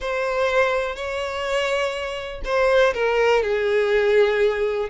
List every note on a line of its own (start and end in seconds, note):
0.00 0.95 C5
0.95 2.41 C#5
2.44 2.93 C5
2.94 3.42 A#4
3.42 4.89 G#4